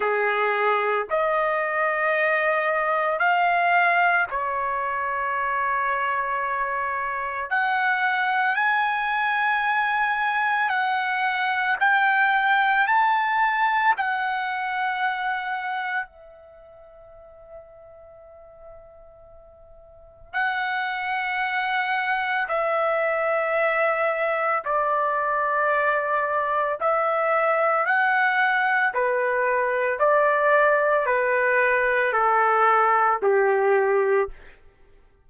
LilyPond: \new Staff \with { instrumentName = "trumpet" } { \time 4/4 \tempo 4 = 56 gis'4 dis''2 f''4 | cis''2. fis''4 | gis''2 fis''4 g''4 | a''4 fis''2 e''4~ |
e''2. fis''4~ | fis''4 e''2 d''4~ | d''4 e''4 fis''4 b'4 | d''4 b'4 a'4 g'4 | }